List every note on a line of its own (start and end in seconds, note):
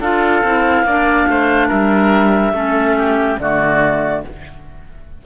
0.00 0.42 D4
0.00 0.44 F4
0.00 0.85 A4
0.00 1.70 F5
0.43 0.84 C4
0.43 0.87 E4
0.84 1.26 A#3
0.84 2.54 D4
0.84 1.29 D5
1.28 1.70 A3
1.28 1.68 C5
1.68 2.53 G3
1.68 2.53 A#4
1.68 3.39 E5
2.53 3.37 A3
2.53 3.39 C#4
2.53 2.96 A4
2.98 3.40 G4
3.39 4.24 D3
3.39 4.24 A3
3.39 4.26 F#4
3.39 4.24 D5